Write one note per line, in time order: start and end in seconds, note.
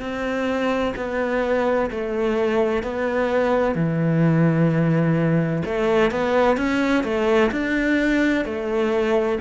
0.00 0.94 C4
0.96 1.90 B3
1.90 2.83 A3
2.83 3.75 B3
3.75 5.62 E3
5.65 6.11 A3
6.11 6.57 B3
6.57 7.04 C#4
7.04 7.51 A3
7.51 8.45 D4
8.45 9.39 A3